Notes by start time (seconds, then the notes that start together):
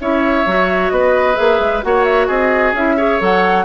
0.00 C#4 E4 C#5 E5
0.46 F#3 F#4
0.90 B3 B4 D#5
1.35 A#3 G#4 E5
1.60 G#3
1.83 A#3 F#4 C#5 F#5
2.04 E5
2.27 C4 G#4 D#5
2.73 C#4 E4 E5
2.97 G#4 C#5
3.20 F#3 A4 F#5